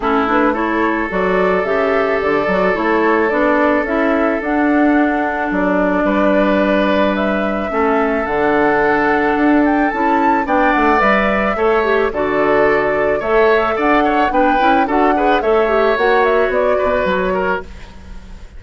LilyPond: <<
  \new Staff \with { instrumentName = "flute" } { \time 4/4 \tempo 4 = 109 a'8 b'8 cis''4 d''4 e''4 | d''4 cis''4 d''4 e''4 | fis''2 d''2~ | d''4 e''2 fis''4~ |
fis''4. g''8 a''4 g''8 fis''8 | e''2 d''2 | e''4 fis''4 g''4 fis''4 | e''4 fis''8 e''8 d''4 cis''4 | }
  \new Staff \with { instrumentName = "oboe" } { \time 4/4 e'4 a'2.~ | a'1~ | a'2. b'4~ | b'2 a'2~ |
a'2. d''4~ | d''4 cis''4 a'2 | cis''4 d''8 cis''8 b'4 a'8 b'8 | cis''2~ cis''8 b'4 ais'8 | }
  \new Staff \with { instrumentName = "clarinet" } { \time 4/4 cis'8 d'8 e'4 fis'4 g'4~ | g'8 fis'8 e'4 d'4 e'4 | d'1~ | d'2 cis'4 d'4~ |
d'2 e'4 d'4 | b'4 a'8 g'8 fis'2 | a'2 d'8 e'8 fis'8 gis'8 | a'8 g'8 fis'2. | }
  \new Staff \with { instrumentName = "bassoon" } { \time 4/4 a2 fis4 cis4 | d8 fis8 a4 b4 cis'4 | d'2 fis4 g4~ | g2 a4 d4~ |
d4 d'4 cis'4 b8 a8 | g4 a4 d2 | a4 d'4 b8 cis'8 d'4 | a4 ais4 b8 b,8 fis4 | }
>>